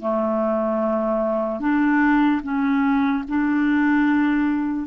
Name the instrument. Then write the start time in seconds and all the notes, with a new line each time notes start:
clarinet
0.00 A3
1.60 D4
2.43 C#4
3.29 D4